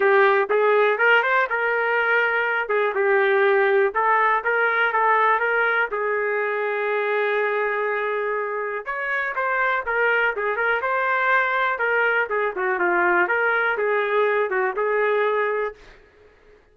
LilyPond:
\new Staff \with { instrumentName = "trumpet" } { \time 4/4 \tempo 4 = 122 g'4 gis'4 ais'8 c''8 ais'4~ | ais'4. gis'8 g'2 | a'4 ais'4 a'4 ais'4 | gis'1~ |
gis'2 cis''4 c''4 | ais'4 gis'8 ais'8 c''2 | ais'4 gis'8 fis'8 f'4 ais'4 | gis'4. fis'8 gis'2 | }